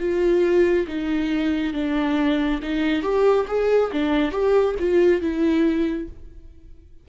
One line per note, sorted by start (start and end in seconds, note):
0.00 0.87 F4
0.88 1.74 D#4
1.74 2.60 D4
2.63 3.03 D#4
3.03 3.47 G4
3.48 3.92 G#4
3.92 4.32 D4
4.32 4.75 G4
4.80 5.22 F4
5.22 6.09 E4